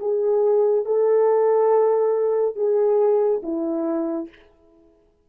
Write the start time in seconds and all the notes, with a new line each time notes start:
0.00 G#4
0.86 A4
2.56 G#4
3.44 E4